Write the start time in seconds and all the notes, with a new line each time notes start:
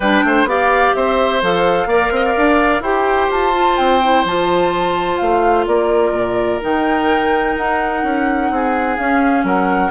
0.00 G3 D4 B4 G5
0.24 A3 C5
0.44 B3 G4 D5 F5
0.94 C4 C5 E5
1.41 F3 A4 F5
1.86 A#3 A#4 D5
2.10 C4 D#5
2.25 D5
2.37 D4
2.80 E4 G4 C5 G5
3.30 F4 A5
3.53 F4
3.77 C4 G5
4.03 E4
4.24 F3 F4 A5
5.17 A3 F5
5.66 A#3 A#4 D5
6.12 A#2
6.61 D#3 D#4 G5
7.55 D#4 F#5
8.03 C#4
8.50 C4 G#4
8.97 C#4 F5
9.43 F#3 A#4 F#5